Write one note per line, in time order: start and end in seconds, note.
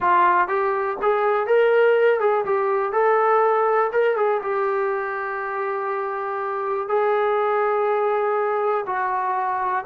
0.00 0.48 F4
0.48 0.97 G4
1.01 1.46 G#4
1.46 2.20 A#4
2.20 2.44 G#4
2.45 2.92 G4
2.92 3.90 A4
3.92 4.16 A#4
4.16 4.41 G#4
4.42 6.88 G4
6.88 8.85 G#4
8.86 9.84 F#4